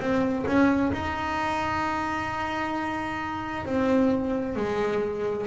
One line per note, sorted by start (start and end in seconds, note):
0.00 0.45 C4
0.47 0.92 C#4
0.93 3.65 D#4
3.65 4.56 C4
4.56 5.47 G#3